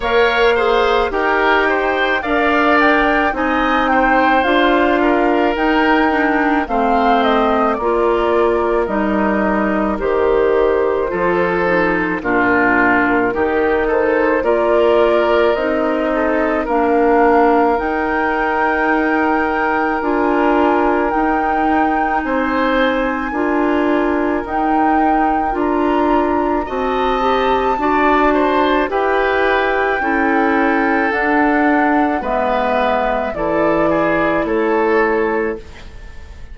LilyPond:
<<
  \new Staff \with { instrumentName = "flute" } { \time 4/4 \tempo 4 = 54 f''4 g''4 f''8 g''8 gis''8 g''8 | f''4 g''4 f''8 dis''8 d''4 | dis''4 c''2 ais'4~ | ais'8 c''8 d''4 dis''4 f''4 |
g''2 gis''4 g''4 | gis''2 g''4 ais''4 | a''2 g''2 | fis''4 e''4 d''4 cis''4 | }
  \new Staff \with { instrumentName = "oboe" } { \time 4/4 cis''8 c''8 ais'8 c''8 d''4 dis''8 c''8~ | c''8 ais'4. c''4 ais'4~ | ais'2 a'4 f'4 | g'8 a'8 ais'4. a'8 ais'4~ |
ais'1 | c''4 ais'2. | dis''4 d''8 c''8 b'4 a'4~ | a'4 b'4 a'8 gis'8 a'4 | }
  \new Staff \with { instrumentName = "clarinet" } { \time 4/4 ais'8 gis'8 g'4 ais'4 dis'4 | f'4 dis'8 d'8 c'4 f'4 | dis'4 g'4 f'8 dis'8 d'4 | dis'4 f'4 dis'4 d'4 |
dis'2 f'4 dis'4~ | dis'4 f'4 dis'4 f'4 | fis'8 g'8 fis'4 g'4 e'4 | d'4 b4 e'2 | }
  \new Staff \with { instrumentName = "bassoon" } { \time 4/4 ais4 dis'4 d'4 c'4 | d'4 dis'4 a4 ais4 | g4 dis4 f4 ais,4 | dis4 ais4 c'4 ais4 |
dis'2 d'4 dis'4 | c'4 d'4 dis'4 d'4 | c'4 d'4 e'4 cis'4 | d'4 gis4 e4 a4 | }
>>